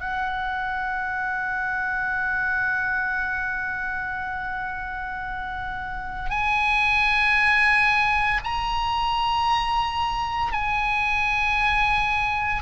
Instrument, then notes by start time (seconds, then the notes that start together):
oboe
0.00 F#5
6.30 G#5
8.44 A#5
10.53 G#5